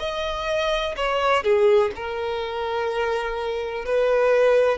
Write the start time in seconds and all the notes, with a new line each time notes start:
0.00 D#5
0.97 C#5
1.44 G#4
1.96 A#4
3.86 B4